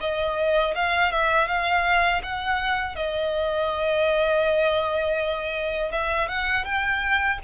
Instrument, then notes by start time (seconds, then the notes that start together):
violin
0.00 D#5
0.74 F5
1.11 E5
1.47 F5
2.23 F#5
2.96 D#5
5.92 E5
6.28 F#5
6.65 G5